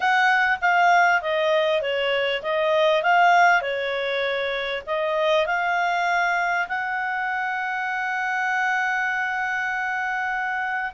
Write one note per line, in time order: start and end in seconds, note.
0.00 0.58 F#5
0.61 1.21 F5
1.21 1.81 D#5
1.81 2.42 C#5
2.42 3.02 D#5
3.02 3.61 F5
3.61 4.83 C#5
4.86 5.46 D#5
5.46 6.67 F5
6.67 10.92 F#5